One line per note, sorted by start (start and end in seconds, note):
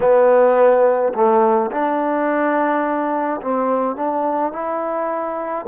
0.00 1.13 B3
1.14 1.70 A3
1.71 3.41 D4
3.41 3.96 C4
3.96 4.52 D4
4.52 5.65 E4